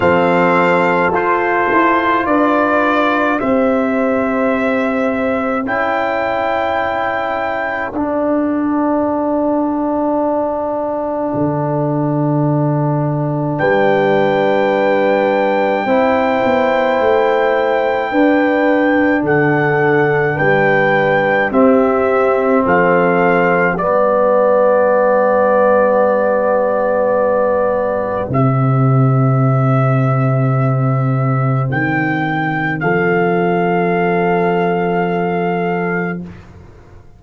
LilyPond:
<<
  \new Staff \with { instrumentName = "trumpet" } { \time 4/4 \tempo 4 = 53 f''4 c''4 d''4 e''4~ | e''4 g''2 fis''4~ | fis''1 | g''1~ |
g''4 fis''4 g''4 e''4 | f''4 d''2.~ | d''4 e''2. | g''4 f''2. | }
  \new Staff \with { instrumentName = "horn" } { \time 4/4 a'2 b'4 c''4~ | c''4 a'2.~ | a'1 | b'2 c''2 |
b'4 a'4 b'4 g'4 | a'4 g'2.~ | g'1~ | g'4 a'2. | }
  \new Staff \with { instrumentName = "trombone" } { \time 4/4 c'4 f'2 g'4~ | g'4 e'2 d'4~ | d'1~ | d'2 e'2 |
d'2. c'4~ | c'4 b2.~ | b4 c'2.~ | c'1 | }
  \new Staff \with { instrumentName = "tuba" } { \time 4/4 f4 f'8 e'8 d'4 c'4~ | c'4 cis'2 d'4~ | d'2 d2 | g2 c'8 b8 a4 |
d'4 d4 g4 c'4 | f4 g2.~ | g4 c2. | dis4 f2. | }
>>